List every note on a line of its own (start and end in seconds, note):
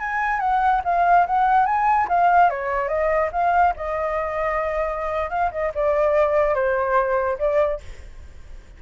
0.00 0.40 G#5
0.40 0.82 F#5
0.84 1.26 F5
1.27 1.66 F#5
1.66 2.08 G#5
2.09 2.50 F5
2.50 2.88 C#5
2.88 3.30 D#5
3.32 3.74 F5
3.76 5.30 D#5
5.30 5.51 F5
5.51 5.72 D#5
5.75 6.55 D5
6.55 7.38 C5
7.39 7.80 D5